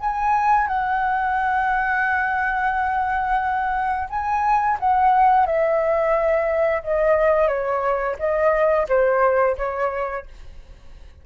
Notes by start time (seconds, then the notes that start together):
0.00 G#5
0.67 F#5
4.09 G#5
4.79 F#5
5.46 E5
6.83 D#5
7.48 C#5
8.19 D#5
8.88 C5
9.57 C#5